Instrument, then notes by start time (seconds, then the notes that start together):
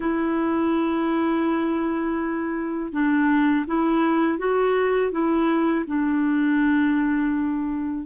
clarinet
0.00 E4
2.92 D4
3.67 E4
4.38 F#4
5.11 E4
5.87 D4